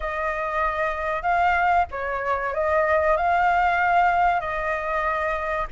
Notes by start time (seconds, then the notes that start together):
0.00 D#5
1.22 F5
1.91 C#5
2.53 D#5
3.16 F5
4.40 D#5